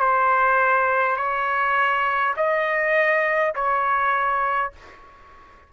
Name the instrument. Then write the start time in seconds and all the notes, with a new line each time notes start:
trumpet
0.00 C5
1.17 C#5
2.36 D#5
3.55 C#5